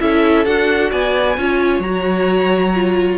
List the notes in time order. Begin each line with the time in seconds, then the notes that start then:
0.00 C#4 E4 A4 E5
0.46 D4 F#4 F#5
0.91 B3 D5 G#5
1.38 C#4 F4 C#5
1.80 F#3 F#4 A#5
2.74 F4